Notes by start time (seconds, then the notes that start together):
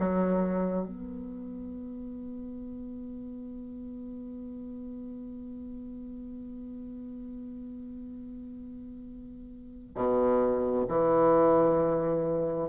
0.00 F#3
0.87 B3
9.95 B2
10.88 E3